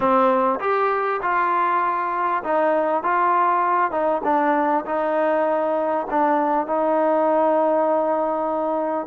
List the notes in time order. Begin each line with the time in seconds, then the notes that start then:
0.00 C4
0.60 G4
1.21 F4
2.43 D#4
3.03 F4
3.91 D#4
4.24 D4
4.85 D#4
6.10 D4
6.67 D#4